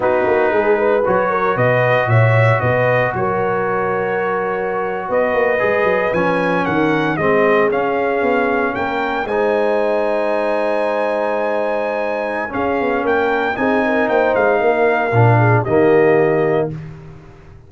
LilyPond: <<
  \new Staff \with { instrumentName = "trumpet" } { \time 4/4 \tempo 4 = 115 b'2 cis''4 dis''4 | e''4 dis''4 cis''2~ | cis''4.~ cis''16 dis''2 gis''16~ | gis''8. fis''4 dis''4 f''4~ f''16~ |
f''8. g''4 gis''2~ gis''16~ | gis''1 | f''4 g''4 gis''4 g''8 f''8~ | f''2 dis''2 | }
  \new Staff \with { instrumentName = "horn" } { \time 4/4 fis'4 gis'8 b'4 ais'8 b'4 | cis''4 b'4 ais'2~ | ais'4.~ ais'16 b'2~ b'16~ | b'8. ais'4 gis'2~ gis'16~ |
gis'8. ais'4 c''2~ c''16~ | c''1 | gis'4 ais'4 gis'8 ais'8 c''4 | ais'4. gis'8 g'2 | }
  \new Staff \with { instrumentName = "trombone" } { \time 4/4 dis'2 fis'2~ | fis'1~ | fis'2~ fis'8. gis'4 cis'16~ | cis'4.~ cis'16 c'4 cis'4~ cis'16~ |
cis'4.~ cis'16 dis'2~ dis'16~ | dis'1 | cis'2 dis'2~ | dis'4 d'4 ais2 | }
  \new Staff \with { instrumentName = "tuba" } { \time 4/4 b8 ais8 gis4 fis4 b,4 | ais,4 b,4 fis2~ | fis4.~ fis16 b8 ais8 gis8 fis8 f16~ | f8. dis4 gis4 cis'4 b16~ |
b8. ais4 gis2~ gis16~ | gis1 | cis'8 b8 ais4 c'4 ais8 gis8 | ais4 ais,4 dis2 | }
>>